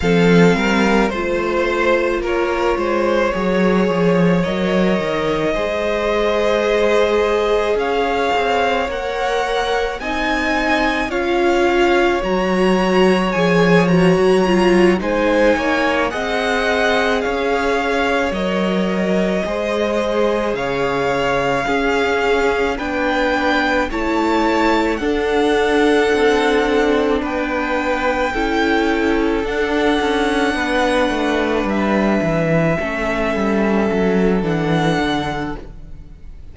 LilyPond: <<
  \new Staff \with { instrumentName = "violin" } { \time 4/4 \tempo 4 = 54 f''4 c''4 cis''2 | dis''2. f''4 | fis''4 gis''4 f''4 ais''4 | gis''8 ais''4 gis''4 fis''4 f''8~ |
f''8 dis''2 f''4.~ | f''8 g''4 a''4 fis''4.~ | fis''8 g''2 fis''4.~ | fis''8 e''2~ e''8 fis''4 | }
  \new Staff \with { instrumentName = "violin" } { \time 4/4 a'8 ais'8 c''4 ais'8 c''8 cis''4~ | cis''4 c''2 cis''4~ | cis''4 dis''4 cis''2~ | cis''4. c''8 cis''8 dis''4 cis''8~ |
cis''4. c''4 cis''4 gis'8~ | gis'8 b'4 cis''4 a'4.~ | a'8 b'4 a'2 b'8~ | b'4. a'2~ a'8 | }
  \new Staff \with { instrumentName = "viola" } { \time 4/4 c'4 f'2 gis'4 | ais'4 gis'2. | ais'4 dis'4 f'4 fis'4 | gis'8 fis'8 f'8 dis'4 gis'4.~ |
gis'8 ais'4 gis'2 cis'8~ | cis'8 d'4 e'4 d'4.~ | d'4. e'4 d'4.~ | d'4. cis'4. d'4 | }
  \new Staff \with { instrumentName = "cello" } { \time 4/4 f8 g8 a4 ais8 gis8 fis8 f8 | fis8 dis8 gis2 cis'8 c'8 | ais4 c'4 cis'4 fis4 | f8. fis8. gis8 ais8 c'4 cis'8~ |
cis'8 fis4 gis4 cis4 cis'8~ | cis'8 b4 a4 d'4 c'8~ | c'8 b4 cis'4 d'8 cis'8 b8 | a8 g8 e8 a8 g8 fis8 e8 d8 | }
>>